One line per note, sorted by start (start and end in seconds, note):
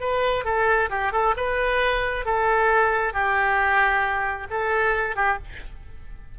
0.00 0.44 B4
0.44 0.89 A4
0.90 1.12 G4
1.12 1.34 A4
1.36 2.25 B4
2.25 3.13 A4
3.13 4.47 G4
4.50 5.15 A4
5.15 5.38 G4